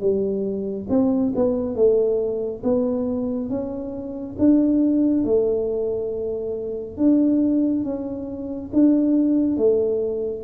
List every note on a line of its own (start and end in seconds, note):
0.00 0.87 G3
0.89 1.33 C4
1.35 1.75 B3
1.75 2.62 A3
2.63 3.49 B3
3.49 4.36 C#4
4.38 5.24 D4
5.24 6.97 A3
6.97 7.83 D4
7.83 8.70 C#4
8.73 9.57 D4
9.57 10.43 A3